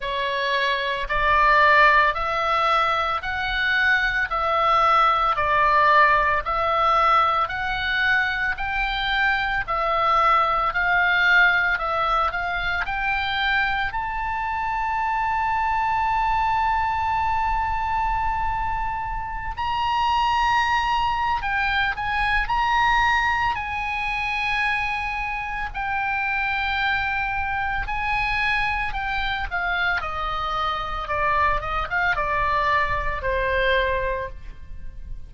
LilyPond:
\new Staff \with { instrumentName = "oboe" } { \time 4/4 \tempo 4 = 56 cis''4 d''4 e''4 fis''4 | e''4 d''4 e''4 fis''4 | g''4 e''4 f''4 e''8 f''8 | g''4 a''2.~ |
a''2~ a''16 ais''4.~ ais''16 | g''8 gis''8 ais''4 gis''2 | g''2 gis''4 g''8 f''8 | dis''4 d''8 dis''16 f''16 d''4 c''4 | }